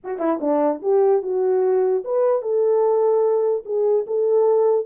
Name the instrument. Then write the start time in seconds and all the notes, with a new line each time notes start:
horn
0.04 F#4
0.19 E4
0.41 D4
0.82 G4
1.22 F#4
2.04 B4
2.41 A4
3.65 G#4
4.07 A4